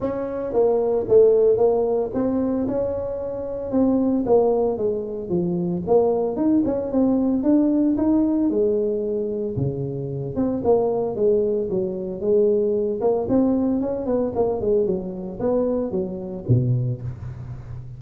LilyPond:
\new Staff \with { instrumentName = "tuba" } { \time 4/4 \tempo 4 = 113 cis'4 ais4 a4 ais4 | c'4 cis'2 c'4 | ais4 gis4 f4 ais4 | dis'8 cis'8 c'4 d'4 dis'4 |
gis2 cis4. c'8 | ais4 gis4 fis4 gis4~ | gis8 ais8 c'4 cis'8 b8 ais8 gis8 | fis4 b4 fis4 b,4 | }